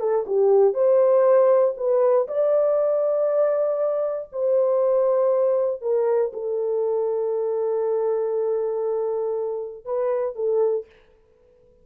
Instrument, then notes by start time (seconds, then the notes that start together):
horn
0.00 A4
0.27 G4
0.74 C5
1.77 B4
2.28 D5
4.32 C5
5.81 A#4
6.33 A4
9.85 B4
10.36 A4